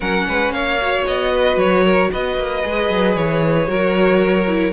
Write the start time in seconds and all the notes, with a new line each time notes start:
0.00 F#3 C#4 A#4 F#5
0.27 G#3 B4
0.50 A#3 C#5 F5
0.81 F#4
1.07 B3 D#5
1.31 B4
1.55 F#3 C#5
1.84 A#4
2.11 B3 B4 D#5
2.37 A#3
2.62 G#3 G#4
2.89 F#3
3.15 E3 C#5
3.67 F#3 F#4 A#4
4.47 E4